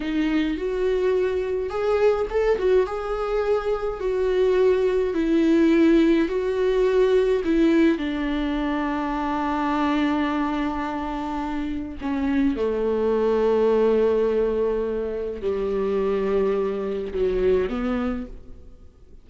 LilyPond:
\new Staff \with { instrumentName = "viola" } { \time 4/4 \tempo 4 = 105 dis'4 fis'2 gis'4 | a'8 fis'8 gis'2 fis'4~ | fis'4 e'2 fis'4~ | fis'4 e'4 d'2~ |
d'1~ | d'4 cis'4 a2~ | a2. g4~ | g2 fis4 b4 | }